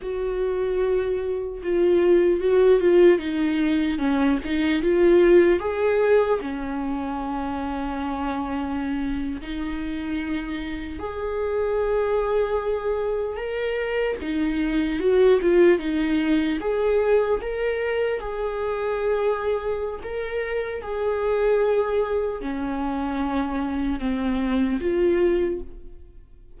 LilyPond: \new Staff \with { instrumentName = "viola" } { \time 4/4 \tempo 4 = 75 fis'2 f'4 fis'8 f'8 | dis'4 cis'8 dis'8 f'4 gis'4 | cis'2.~ cis'8. dis'16~ | dis'4.~ dis'16 gis'2~ gis'16~ |
gis'8. ais'4 dis'4 fis'8 f'8 dis'16~ | dis'8. gis'4 ais'4 gis'4~ gis'16~ | gis'4 ais'4 gis'2 | cis'2 c'4 f'4 | }